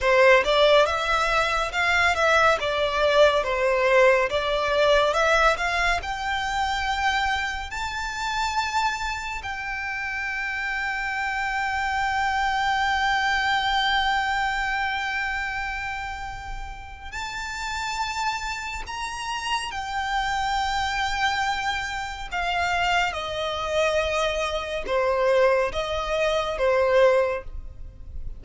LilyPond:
\new Staff \with { instrumentName = "violin" } { \time 4/4 \tempo 4 = 70 c''8 d''8 e''4 f''8 e''8 d''4 | c''4 d''4 e''8 f''8 g''4~ | g''4 a''2 g''4~ | g''1~ |
g''1 | a''2 ais''4 g''4~ | g''2 f''4 dis''4~ | dis''4 c''4 dis''4 c''4 | }